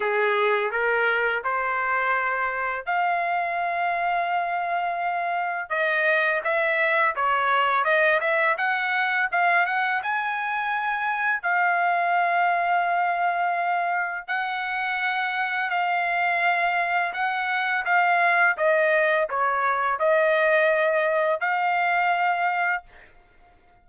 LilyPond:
\new Staff \with { instrumentName = "trumpet" } { \time 4/4 \tempo 4 = 84 gis'4 ais'4 c''2 | f''1 | dis''4 e''4 cis''4 dis''8 e''8 | fis''4 f''8 fis''8 gis''2 |
f''1 | fis''2 f''2 | fis''4 f''4 dis''4 cis''4 | dis''2 f''2 | }